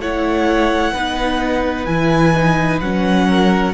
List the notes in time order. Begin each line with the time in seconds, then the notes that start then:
0.00 A3 E4 C#5 F#5
0.93 B3 D#4 B4
1.86 E3 E4 G#5
2.35 D#4
2.80 F#3 C#4 F#5
3.29 A#4